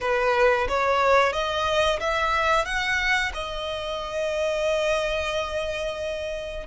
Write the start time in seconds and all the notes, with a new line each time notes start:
0.00 B4
0.68 C#5
1.32 D#5
2.00 E5
2.65 F#5
3.34 D#5